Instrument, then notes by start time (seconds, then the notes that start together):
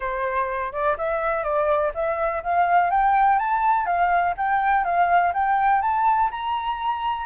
flute
0.00 C5
0.72 D5
0.97 E5
1.43 D5
1.94 E5
2.43 F5
2.90 G5
3.38 A5
3.86 F5
4.37 G5
4.84 F5
5.33 G5
5.81 A5
6.30 A#5